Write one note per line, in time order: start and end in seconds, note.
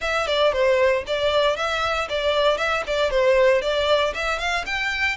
0.01 0.27 E5
0.27 0.52 D5
0.52 1.03 C5
1.06 1.56 D5
1.56 2.08 E5
2.09 2.57 D5
2.57 2.83 E5
2.86 3.10 D5
3.10 3.61 C5
3.61 4.13 D5
4.14 4.38 E5
4.38 4.64 F5
4.66 5.17 G5